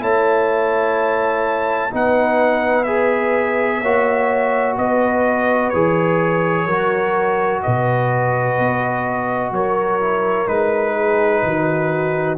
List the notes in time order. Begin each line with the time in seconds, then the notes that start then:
0.00 A3 E4 C#5 A5
1.91 B3 D#4 B4 F#5
2.84 G#4 E5
3.81 A#3 F#4 C#5
4.77 B3 B4 D#5
5.70 E3 G#4 C#5
6.66 F#3 F#4 A#4
7.63 B2 B4 D#5
8.59 B3
9.52 F#3 A#4 C#5
10.01 E4
10.47 G#3 D#4 B4
10.95 G#4
11.44 D#3 F#4